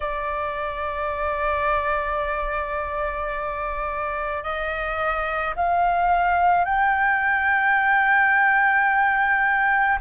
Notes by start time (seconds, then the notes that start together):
0.00 D5
4.43 D#5
5.56 F5
6.65 G5